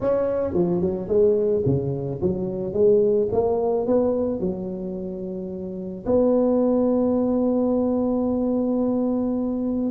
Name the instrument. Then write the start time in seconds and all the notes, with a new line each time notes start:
tuba
0.01 C#4
0.53 F3
0.81 F#3
1.08 G#3
1.65 C#3
2.21 F#3
2.73 G#3
3.32 A#3
3.86 B3
4.40 F#3
6.06 B3